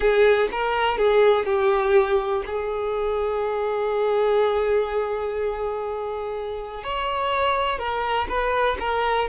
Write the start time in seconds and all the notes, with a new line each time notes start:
0.00 G#4
0.51 A#4
0.98 G#4
1.45 G4
2.45 G#4
6.83 C#5
7.78 A#4
8.28 B4
8.79 A#4